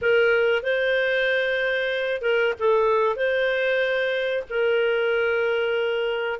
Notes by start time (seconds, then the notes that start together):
0.01 A#4
0.62 C5
2.21 A#4
2.59 A4
3.16 C5
4.49 A#4